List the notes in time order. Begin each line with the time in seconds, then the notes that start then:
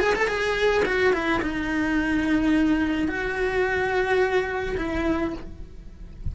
0.00 G#4
0.15 A4
0.28 G#4
0.85 F#4
1.13 E4
1.42 D#4
3.08 F#4
4.77 E4